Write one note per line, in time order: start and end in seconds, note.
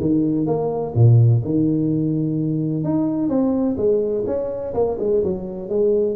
0.00 0.46 D#3
0.46 0.93 A#3
0.94 1.42 A#2
1.44 2.84 D#3
2.84 3.29 D#4
3.29 3.76 C4
3.77 4.24 G#3
4.26 4.73 C#4
4.74 4.98 A#3
4.99 5.23 G#3
5.23 5.69 F#3
5.69 6.16 G#3